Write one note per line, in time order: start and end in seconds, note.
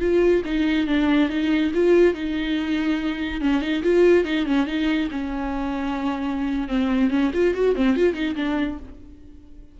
0.00 0.42 F4
0.45 0.87 D#4
0.87 1.29 D4
1.29 1.72 D#4
1.74 2.14 F4
2.14 3.41 D#4
3.41 3.61 C#4
3.61 3.83 D#4
3.83 4.25 F4
4.25 4.46 D#4
4.46 4.67 C#4
4.67 5.09 D#4
5.11 6.68 C#4
6.68 7.10 C4
7.10 7.31 C#4
7.34 7.54 F4
7.54 7.75 F#4
7.75 7.96 C4
7.96 8.14 F4
8.14 8.35 D#4
8.36 8.78 D4